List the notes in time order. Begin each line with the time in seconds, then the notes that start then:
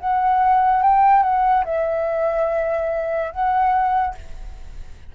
0.00 F#5
0.83 G5
1.23 F#5
1.65 E5
3.32 F#5